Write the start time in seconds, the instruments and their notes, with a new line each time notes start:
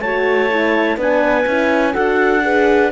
0.00 cello A3, horn F#4, clarinet C#5 A5
0.50 horn E4
0.97 cello B3, horn D4, clarinet B4 G#5
1.46 cello C#4, horn E4
1.93 cello D4, horn F#4, clarinet A4 F#5
2.42 horn G#4, clarinet B4